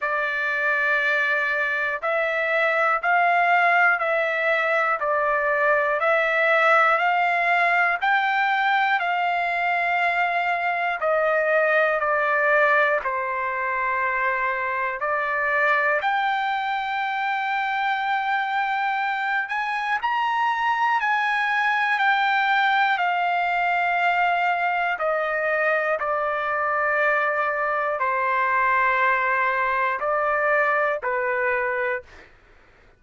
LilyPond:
\new Staff \with { instrumentName = "trumpet" } { \time 4/4 \tempo 4 = 60 d''2 e''4 f''4 | e''4 d''4 e''4 f''4 | g''4 f''2 dis''4 | d''4 c''2 d''4 |
g''2.~ g''8 gis''8 | ais''4 gis''4 g''4 f''4~ | f''4 dis''4 d''2 | c''2 d''4 b'4 | }